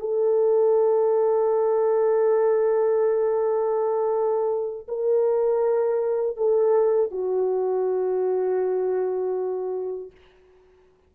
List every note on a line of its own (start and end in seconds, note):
0.00 4.88 A4
4.89 6.37 A#4
6.37 7.11 A4
7.11 10.11 F#4